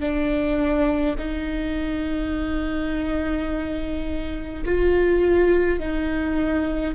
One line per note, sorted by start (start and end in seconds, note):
0.00 1.15 D4
1.19 4.65 D#4
4.65 5.80 F4
5.80 6.95 D#4